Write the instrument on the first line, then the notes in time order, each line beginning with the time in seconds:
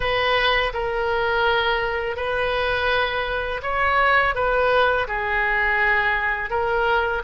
oboe
0.00 B4
0.73 A#4
2.16 B4
3.62 C#5
4.34 B4
5.07 G#4
6.50 A#4